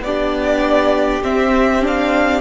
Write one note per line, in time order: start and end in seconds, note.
0.00 1.20 B3
0.00 2.41 G4
0.00 1.23 D5
0.06 1.23 D4
1.23 1.82 C4
1.23 2.41 C4
1.23 1.84 E5
1.82 2.41 D4
1.82 2.41 F5